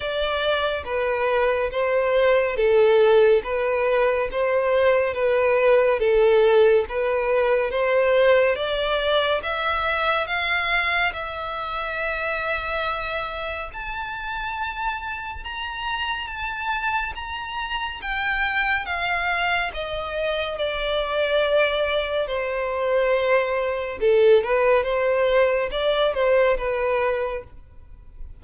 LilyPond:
\new Staff \with { instrumentName = "violin" } { \time 4/4 \tempo 4 = 70 d''4 b'4 c''4 a'4 | b'4 c''4 b'4 a'4 | b'4 c''4 d''4 e''4 | f''4 e''2. |
a''2 ais''4 a''4 | ais''4 g''4 f''4 dis''4 | d''2 c''2 | a'8 b'8 c''4 d''8 c''8 b'4 | }